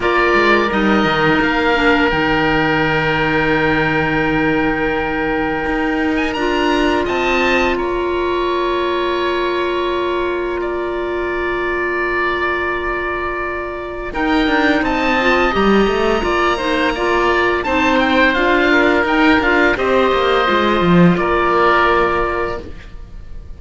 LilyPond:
<<
  \new Staff \with { instrumentName = "oboe" } { \time 4/4 \tempo 4 = 85 d''4 dis''4 f''4 g''4~ | g''1~ | g''8. gis''16 ais''4 a''4 ais''4~ | ais''1~ |
ais''1 | g''4 a''4 ais''2~ | ais''4 a''8 g''8 f''4 g''8 f''8 | dis''2 d''2 | }
  \new Staff \with { instrumentName = "oboe" } { \time 4/4 ais'1~ | ais'1~ | ais'2 dis''4 cis''4~ | cis''2. d''4~ |
d''1 | ais'4 dis''2 d''8 c''8 | d''4 c''4. ais'4. | c''2 ais'2 | }
  \new Staff \with { instrumentName = "clarinet" } { \time 4/4 f'4 dis'4. d'8 dis'4~ | dis'1~ | dis'4 f'2.~ | f'1~ |
f'1 | dis'4. f'8 g'4 f'8 dis'8 | f'4 dis'4 f'4 dis'8 f'8 | g'4 f'2. | }
  \new Staff \with { instrumentName = "cello" } { \time 4/4 ais8 gis8 g8 dis8 ais4 dis4~ | dis1 | dis'4 d'4 c'4 ais4~ | ais1~ |
ais1 | dis'8 d'8 c'4 g8 a8 ais4~ | ais4 c'4 d'4 dis'8 d'8 | c'8 ais8 gis8 f8 ais2 | }
>>